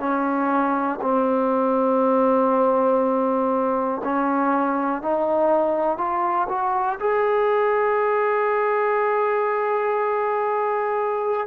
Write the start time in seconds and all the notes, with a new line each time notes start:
0.00 C#4
1.02 C4
4.05 C#4
5.02 D#4
5.98 F4
6.49 F#4
7.00 G#4